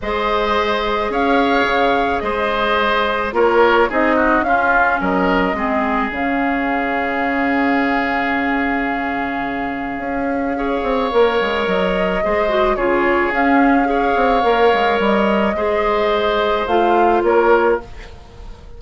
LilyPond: <<
  \new Staff \with { instrumentName = "flute" } { \time 4/4 \tempo 4 = 108 dis''2 f''2 | dis''2 cis''4 dis''4 | f''4 dis''2 f''4~ | f''1~ |
f''1~ | f''4 dis''2 cis''4 | f''2. dis''4~ | dis''2 f''4 cis''4 | }
  \new Staff \with { instrumentName = "oboe" } { \time 4/4 c''2 cis''2 | c''2 ais'4 gis'8 fis'8 | f'4 ais'4 gis'2~ | gis'1~ |
gis'2. cis''4~ | cis''2 c''4 gis'4~ | gis'4 cis''2. | c''2. ais'4 | }
  \new Staff \with { instrumentName = "clarinet" } { \time 4/4 gis'1~ | gis'2 f'4 dis'4 | cis'2 c'4 cis'4~ | cis'1~ |
cis'2. gis'4 | ais'2 gis'8 fis'8 f'4 | cis'4 gis'4 ais'2 | gis'2 f'2 | }
  \new Staff \with { instrumentName = "bassoon" } { \time 4/4 gis2 cis'4 cis4 | gis2 ais4 c'4 | cis'4 fis4 gis4 cis4~ | cis1~ |
cis2 cis'4. c'8 | ais8 gis8 fis4 gis4 cis4 | cis'4. c'8 ais8 gis8 g4 | gis2 a4 ais4 | }
>>